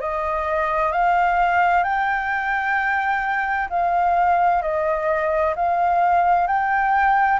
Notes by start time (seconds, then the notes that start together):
0.00 D#5
0.92 F5
1.83 G5
3.69 F5
4.62 D#5
5.56 F5
6.47 G5